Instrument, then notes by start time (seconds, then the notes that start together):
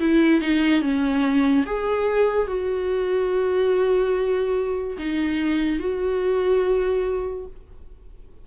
viola
0.00 E4
0.41 D#4
0.81 C#4
1.66 G#4
2.47 F#4
4.98 D#4
5.79 F#4